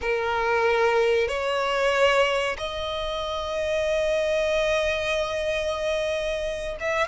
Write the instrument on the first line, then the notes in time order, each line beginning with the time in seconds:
violin
0.01 A#4
1.28 C#5
2.57 D#5
6.80 E5